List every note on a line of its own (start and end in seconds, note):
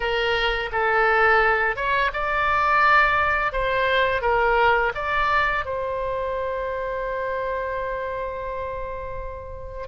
0.00 0.69 A#4
0.72 1.76 A4
1.76 2.11 C#5
2.13 3.52 D5
3.52 4.21 C5
4.21 4.92 A#4
4.94 5.65 D5
5.65 9.87 C5